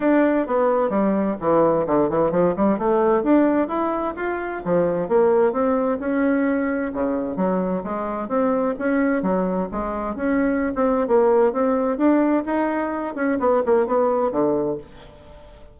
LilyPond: \new Staff \with { instrumentName = "bassoon" } { \time 4/4 \tempo 4 = 130 d'4 b4 g4 e4 | d8 e8 f8 g8 a4 d'4 | e'4 f'4 f4 ais4 | c'4 cis'2 cis4 |
fis4 gis4 c'4 cis'4 | fis4 gis4 cis'4~ cis'16 c'8. | ais4 c'4 d'4 dis'4~ | dis'8 cis'8 b8 ais8 b4 d4 | }